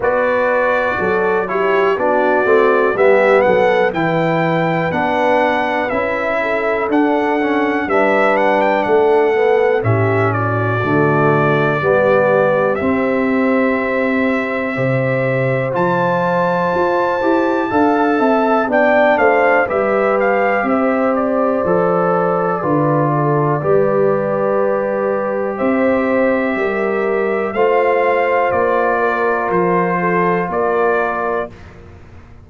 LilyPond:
<<
  \new Staff \with { instrumentName = "trumpet" } { \time 4/4 \tempo 4 = 61 d''4. cis''8 d''4 e''8 fis''8 | g''4 fis''4 e''4 fis''4 | e''8 fis''16 g''16 fis''4 e''8 d''4.~ | d''4 e''2. |
a''2. g''8 f''8 | e''8 f''8 e''8 d''2~ d''8~ | d''2 e''2 | f''4 d''4 c''4 d''4 | }
  \new Staff \with { instrumentName = "horn" } { \time 4/4 b'4 a'8 g'8 fis'4 g'8 a'8 | b'2~ b'8 a'4. | b'4 a'4 g'8 fis'4. | g'2. c''4~ |
c''2 f''8 e''8 d''8 c''8 | b'4 c''2 b'8 a'8 | b'2 c''4 ais'4 | c''4. ais'4 a'8 ais'4 | }
  \new Staff \with { instrumentName = "trombone" } { \time 4/4 fis'4. e'8 d'8 c'8 b4 | e'4 d'4 e'4 d'8 cis'8 | d'4. b8 cis'4 a4 | b4 c'2 g'4 |
f'4. g'8 a'4 d'4 | g'2 a'4 f'4 | g'1 | f'1 | }
  \new Staff \with { instrumentName = "tuba" } { \time 4/4 b4 fis4 b8 a8 g8 fis8 | e4 b4 cis'4 d'4 | g4 a4 a,4 d4 | g4 c'2 c4 |
f4 f'8 e'8 d'8 c'8 b8 a8 | g4 c'4 f4 d4 | g2 c'4 g4 | a4 ais4 f4 ais4 | }
>>